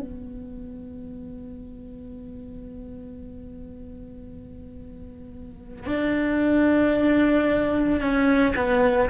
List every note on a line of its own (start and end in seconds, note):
0.00 5.87 B3
5.87 8.01 D4
8.01 8.55 C#4
8.56 9.10 B3